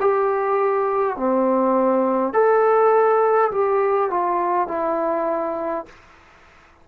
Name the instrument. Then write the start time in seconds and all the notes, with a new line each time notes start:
trombone
0.00 G4
1.17 C4
2.33 A4
3.51 G4
4.10 F4
4.68 E4